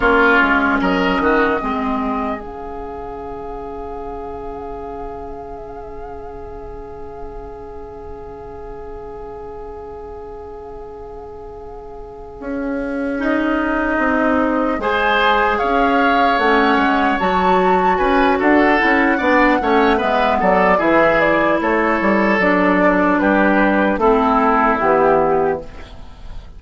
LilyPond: <<
  \new Staff \with { instrumentName = "flute" } { \time 4/4 \tempo 4 = 75 cis''4 dis''2 f''4~ | f''1~ | f''1~ | f''1~ |
f''8 dis''2 gis''4 f''8~ | f''8 fis''4 a''4 gis''8 fis''4~ | fis''4 e''8 d''8 e''8 d''8 cis''4 | d''4 b'4 a'4 g'4 | }
  \new Staff \with { instrumentName = "oboe" } { \time 4/4 f'4 ais'8 fis'8 gis'2~ | gis'1~ | gis'1~ | gis'1~ |
gis'2~ gis'8 c''4 cis''8~ | cis''2~ cis''8 b'8 a'4 | d''8 cis''8 b'8 a'8 gis'4 a'4~ | a'4 g'4 e'2 | }
  \new Staff \with { instrumentName = "clarinet" } { \time 4/4 cis'2 c'4 cis'4~ | cis'1~ | cis'1~ | cis'1~ |
cis'8 dis'2 gis'4.~ | gis'8 cis'4 fis'2 e'8 | d'8 cis'8 b4 e'2 | d'2 c'4 b4 | }
  \new Staff \with { instrumentName = "bassoon" } { \time 4/4 ais8 gis8 fis8 dis8 gis4 cis4~ | cis1~ | cis1~ | cis2.~ cis8 cis'8~ |
cis'4. c'4 gis4 cis'8~ | cis'8 a8 gis8 fis4 cis'8 d'8 cis'8 | b8 a8 gis8 fis8 e4 a8 g8 | fis4 g4 a4 e4 | }
>>